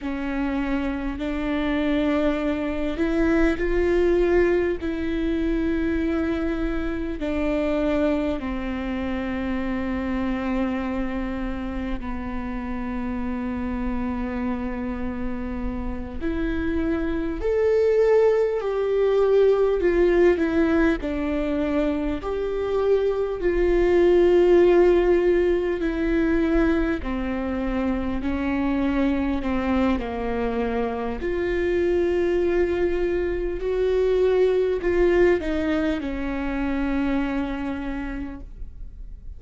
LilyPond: \new Staff \with { instrumentName = "viola" } { \time 4/4 \tempo 4 = 50 cis'4 d'4. e'8 f'4 | e'2 d'4 c'4~ | c'2 b2~ | b4. e'4 a'4 g'8~ |
g'8 f'8 e'8 d'4 g'4 f'8~ | f'4. e'4 c'4 cis'8~ | cis'8 c'8 ais4 f'2 | fis'4 f'8 dis'8 cis'2 | }